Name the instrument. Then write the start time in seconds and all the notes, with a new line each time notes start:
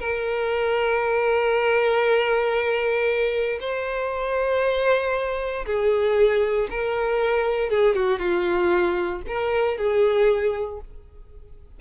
violin
0.00 A#4
3.60 C5
5.66 G#4
6.70 A#4
7.70 G#4
7.96 F#4
8.19 F4
9.28 A#4
9.78 G#4